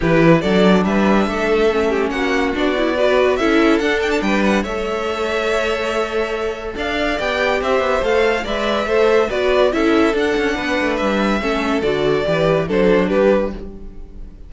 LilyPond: <<
  \new Staff \with { instrumentName = "violin" } { \time 4/4 \tempo 4 = 142 b'4 d''4 e''2~ | e''4 fis''4 d''2 | e''4 fis''8 g''16 a''16 g''8 fis''8 e''4~ | e''1 |
f''4 g''4 e''4 f''4 | e''2 d''4 e''4 | fis''2 e''2 | d''2 c''4 b'4 | }
  \new Staff \with { instrumentName = "violin" } { \time 4/4 g'4 a'4 b'4 a'4~ | a'8 g'8 fis'2 b'4 | a'2 b'4 cis''4~ | cis''1 |
d''2 c''2 | d''4 c''4 b'4 a'4~ | a'4 b'2 a'4~ | a'4 b'4 a'4 g'4 | }
  \new Staff \with { instrumentName = "viola" } { \time 4/4 e'4 d'2. | cis'2 d'8 e'8 fis'4 | e'4 d'2 a'4~ | a'1~ |
a'4 g'2 a'4 | b'4 a'4 fis'4 e'4 | d'2. cis'4 | fis'4 g'4 d'2 | }
  \new Staff \with { instrumentName = "cello" } { \time 4/4 e4 fis4 g4 a4~ | a4 ais4 b2 | cis'4 d'4 g4 a4~ | a1 |
d'4 b4 c'8 b8 a4 | gis4 a4 b4 cis'4 | d'8 cis'8 b8 a8 g4 a4 | d4 e4 fis4 g4 | }
>>